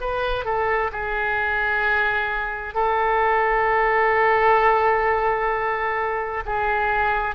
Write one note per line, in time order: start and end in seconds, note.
0.00 0.44 B4
0.44 0.91 A4
0.92 2.74 G#4
2.74 6.43 A4
6.46 7.35 G#4